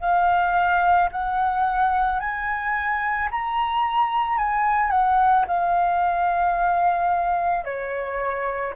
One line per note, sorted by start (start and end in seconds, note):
0.00 1.09 F5
1.12 2.20 F#5
2.20 3.29 G#5
3.31 4.38 A#5
4.38 4.90 G#5
4.90 5.45 F#5
5.47 7.65 F5
7.65 8.74 C#5